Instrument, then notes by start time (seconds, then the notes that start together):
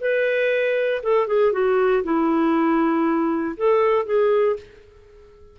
clarinet
0.00 B4
1.03 A4
1.27 G#4
1.52 F#4
2.03 E4
3.57 A4
4.05 G#4